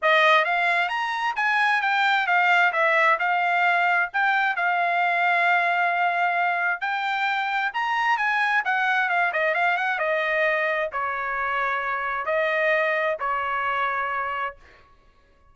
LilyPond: \new Staff \with { instrumentName = "trumpet" } { \time 4/4 \tempo 4 = 132 dis''4 f''4 ais''4 gis''4 | g''4 f''4 e''4 f''4~ | f''4 g''4 f''2~ | f''2. g''4~ |
g''4 ais''4 gis''4 fis''4 | f''8 dis''8 f''8 fis''8 dis''2 | cis''2. dis''4~ | dis''4 cis''2. | }